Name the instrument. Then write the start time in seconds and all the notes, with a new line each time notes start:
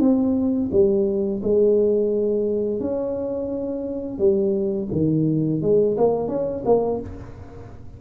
tuba
0.00 C4
0.72 G3
1.43 G#3
2.80 C#4
4.19 G3
4.92 D#3
5.62 G#3
5.98 A#3
6.29 C#4
6.66 A#3